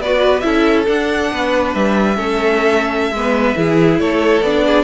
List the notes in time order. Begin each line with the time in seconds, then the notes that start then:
0.00 B3 F#4 B4 D5
0.40 C#4 E4 A4 E5
0.86 D4 F#5
1.31 B3 B4
1.74 G3 E5
2.16 A3 C#4 A4
3.11 G#3 B3
3.17 B4
3.56 E3 E4 G#4
4.00 A3 A4 C#5
4.42 B3 D4 D5
4.66 G#4